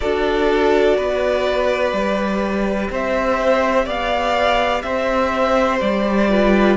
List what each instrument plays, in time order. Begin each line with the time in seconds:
0.00 cello D4, viola F#4, violin A4 D5
0.97 cello B3, violin B4
1.92 cello G3, viola G4
2.90 cello C4, violin C5 E5
3.85 cello B3, violin D5 F5
4.82 cello C4, violin C5 E5
5.80 cello G3, violin D5
6.29 viola F4, violin B4